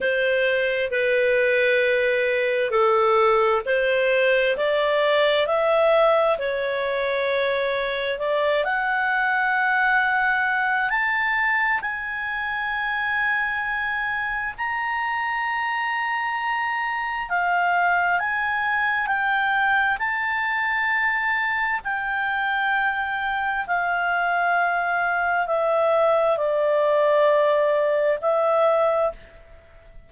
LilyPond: \new Staff \with { instrumentName = "clarinet" } { \time 4/4 \tempo 4 = 66 c''4 b'2 a'4 | c''4 d''4 e''4 cis''4~ | cis''4 d''8 fis''2~ fis''8 | a''4 gis''2. |
ais''2. f''4 | gis''4 g''4 a''2 | g''2 f''2 | e''4 d''2 e''4 | }